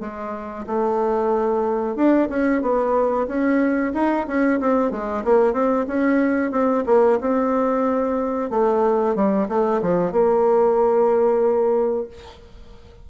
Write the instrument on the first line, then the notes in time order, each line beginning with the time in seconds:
bassoon
0.00 G#3
0.67 A3
1.96 D4
2.29 C#4
2.62 B3
3.27 C#4
3.94 D#4
4.27 C#4
4.60 C4
4.91 G#3
5.24 A#3
5.53 C4
5.88 C#4
6.51 C4
6.86 A#3
7.21 C4
8.50 A3
9.15 G3
9.48 A3
9.82 F3
10.12 A#3